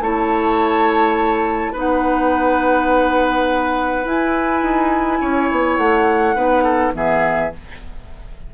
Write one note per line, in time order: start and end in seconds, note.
0.00 1.73 A3
0.00 1.75 E4
0.00 1.72 C#5
0.00 1.76 A5
1.72 4.05 B3
1.72 4.04 D#4
1.72 5.19 B4
1.79 4.07 F#5
4.04 6.35 E4
4.04 4.62 E4
4.04 5.77 G#5
4.62 5.19 D#4
5.21 5.50 C#4
5.21 6.36 C#5
5.51 5.78 B3
5.77 6.35 A3
5.77 6.93 F#5
6.35 6.93 B3
6.35 6.93 D#4
6.35 6.63 B4
6.63 6.92 A4
6.93 7.51 E3
6.93 7.50 B3
6.93 7.54 G#4
6.93 7.53 E5